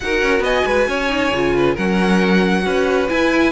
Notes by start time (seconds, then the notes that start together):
0.00 D#4 F#4 A#4 F#5
0.22 C#4
0.40 B3 D#5 G#5
0.65 G#3 B4
0.87 C#4 C#5
1.08 D#4
1.32 C#3 F4
1.56 B4
1.74 F#3 C#4 A#4 F#5
2.62 C#4 F#4 B4
3.09 E4 G#5